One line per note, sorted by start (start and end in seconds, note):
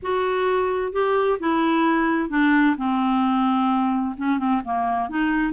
0.02 0.92 F#4
0.92 1.38 G4
1.39 2.29 E4
2.29 2.75 D4
2.77 4.15 C4
4.17 4.38 C#4
4.38 4.61 C4
4.64 5.09 A#3
5.09 5.53 D#4